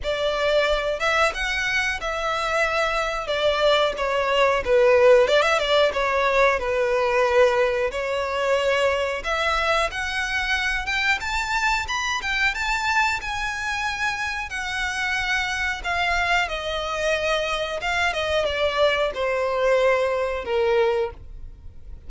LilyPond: \new Staff \with { instrumentName = "violin" } { \time 4/4 \tempo 4 = 91 d''4. e''8 fis''4 e''4~ | e''4 d''4 cis''4 b'4 | d''16 e''16 d''8 cis''4 b'2 | cis''2 e''4 fis''4~ |
fis''8 g''8 a''4 b''8 g''8 a''4 | gis''2 fis''2 | f''4 dis''2 f''8 dis''8 | d''4 c''2 ais'4 | }